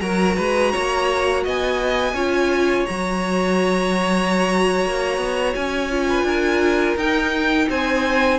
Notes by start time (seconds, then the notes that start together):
0.00 F#3 F#4 A#4 A#5
0.36 G#3 B4
0.71 A#3 C#5
1.44 B3 D#5 G#5
2.13 C#4 F4 C#5
2.86 F#3 F#4 A#5
4.85 A#3
5.17 B3
5.54 C#4 G#5
5.90 F4
6.08 B4
6.23 D4 A#4
6.96 D#4 G5
7.69 C4 C5 G#5